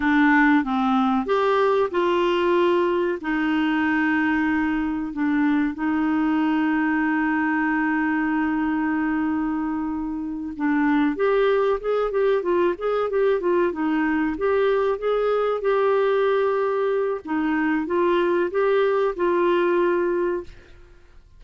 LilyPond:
\new Staff \with { instrumentName = "clarinet" } { \time 4/4 \tempo 4 = 94 d'4 c'4 g'4 f'4~ | f'4 dis'2. | d'4 dis'2.~ | dis'1~ |
dis'8 d'4 g'4 gis'8 g'8 f'8 | gis'8 g'8 f'8 dis'4 g'4 gis'8~ | gis'8 g'2~ g'8 dis'4 | f'4 g'4 f'2 | }